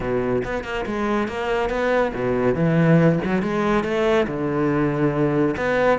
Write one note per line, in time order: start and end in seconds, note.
0.00 0.43 B2
0.44 0.64 B3
0.64 0.85 A#3
0.86 1.28 G#3
1.28 1.69 A#3
1.69 2.12 B3
2.14 2.54 B2
2.54 3.19 E3
3.25 3.42 F#3
3.42 3.84 G#3
3.84 4.26 A3
4.27 5.55 D3
5.56 5.99 B3